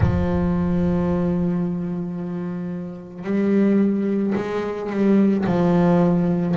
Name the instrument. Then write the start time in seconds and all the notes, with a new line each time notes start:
double bass
0.00 F3
3.24 G3
4.35 G#3
4.90 G3
5.45 F3